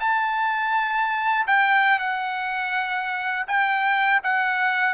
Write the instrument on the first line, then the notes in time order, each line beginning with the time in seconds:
trumpet
0.00 A5
1.47 G5
1.99 F#5
3.47 G5
4.23 F#5